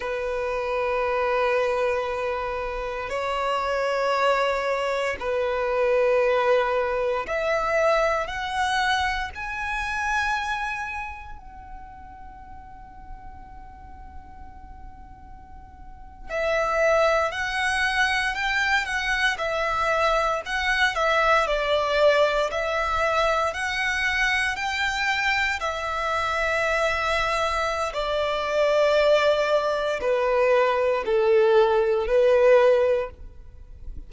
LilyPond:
\new Staff \with { instrumentName = "violin" } { \time 4/4 \tempo 4 = 58 b'2. cis''4~ | cis''4 b'2 e''4 | fis''4 gis''2 fis''4~ | fis''2.~ fis''8. e''16~ |
e''8. fis''4 g''8 fis''8 e''4 fis''16~ | fis''16 e''8 d''4 e''4 fis''4 g''16~ | g''8. e''2~ e''16 d''4~ | d''4 b'4 a'4 b'4 | }